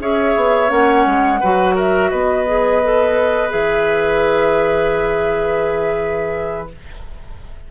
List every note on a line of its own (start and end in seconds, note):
0.00 0.35 C#4
0.00 0.69 G#4
0.00 1.40 C#5
0.00 0.70 E5
0.36 0.71 B3
0.69 1.06 A#3
0.69 1.39 C#4
0.69 1.76 F#5
1.06 1.41 G#3
1.40 2.12 F#3
1.40 2.47 F#4
1.40 1.75 B4
1.75 2.11 A#4
1.75 2.11 E5
2.11 3.54 B3
2.11 6.70 B4
2.11 3.51 D#5
2.47 2.82 G#4
2.84 3.50 A4
3.50 6.71 E3
3.50 6.67 G#4
3.50 6.69 E5